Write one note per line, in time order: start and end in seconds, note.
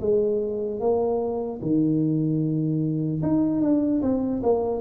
0.00 0.80 G#3
0.80 1.60 A#3
1.61 3.21 D#3
3.22 3.61 D#4
3.61 4.01 D4
4.02 4.42 C4
4.43 4.81 A#3